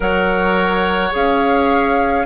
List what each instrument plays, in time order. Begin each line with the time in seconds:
0.00 bassoon F#3, clarinet A#4, oboe C#5, flute F#5
1.11 bassoon C#4, clarinet G#4, flute F5